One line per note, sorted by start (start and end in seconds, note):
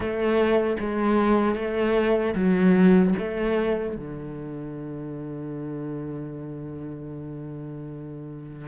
0.00 0.76 A3
0.79 1.55 G#3
1.55 2.34 A3
2.35 3.14 F#3
3.18 3.96 A3
3.96 8.67 D3